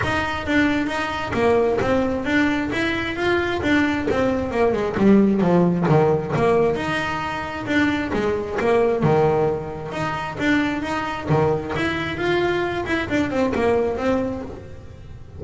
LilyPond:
\new Staff \with { instrumentName = "double bass" } { \time 4/4 \tempo 4 = 133 dis'4 d'4 dis'4 ais4 | c'4 d'4 e'4 f'4 | d'4 c'4 ais8 gis8 g4 | f4 dis4 ais4 dis'4~ |
dis'4 d'4 gis4 ais4 | dis2 dis'4 d'4 | dis'4 dis4 e'4 f'4~ | f'8 e'8 d'8 c'8 ais4 c'4 | }